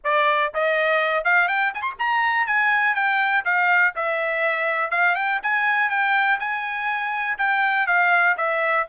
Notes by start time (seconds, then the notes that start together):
0.04 D5
0.53 D#5
1.24 F5
1.48 G5
1.74 G#5
1.82 C6
1.99 A#5
2.46 G#5
2.94 G5
3.44 F5
3.95 E5
4.90 F5
5.15 G5
5.42 G#5
5.89 G5
6.39 G#5
7.37 G5
7.86 F5
8.37 E5